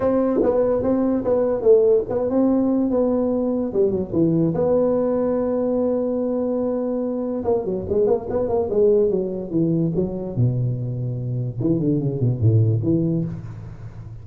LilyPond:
\new Staff \with { instrumentName = "tuba" } { \time 4/4 \tempo 4 = 145 c'4 b4 c'4 b4 | a4 b8 c'4. b4~ | b4 g8 fis8 e4 b4~ | b1~ |
b2 ais8 fis8 gis8 ais8 | b8 ais8 gis4 fis4 e4 | fis4 b,2. | e8 d8 cis8 b,8 a,4 e4 | }